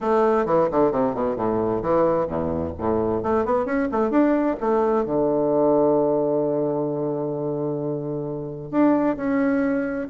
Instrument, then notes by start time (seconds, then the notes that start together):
bassoon
0.00 A3
0.45 E3
0.71 D3
0.91 C3
1.14 B2
1.36 A2
1.82 E3
2.27 E2
2.78 A2
3.22 A3
3.45 B3
3.65 C#4
3.91 A3
4.10 D4
4.60 A3
5.05 D3
8.71 D4
9.16 C#4